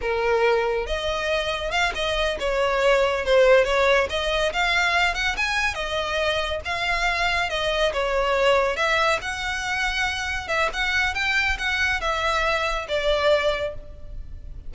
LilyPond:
\new Staff \with { instrumentName = "violin" } { \time 4/4 \tempo 4 = 140 ais'2 dis''2 | f''8 dis''4 cis''2 c''8~ | c''8 cis''4 dis''4 f''4. | fis''8 gis''4 dis''2 f''8~ |
f''4. dis''4 cis''4.~ | cis''8 e''4 fis''2~ fis''8~ | fis''8 e''8 fis''4 g''4 fis''4 | e''2 d''2 | }